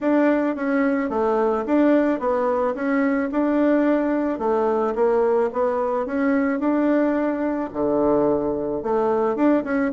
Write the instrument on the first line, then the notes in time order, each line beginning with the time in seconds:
bassoon
0.01 D4
0.55 C#4
1.09 A3
1.66 D4
2.19 B3
2.74 C#4
3.31 D4
4.39 A3
4.95 A#3
5.52 B3
6.06 C#4
6.59 D4
7.73 D3
8.82 A3
9.35 D4
9.64 C#4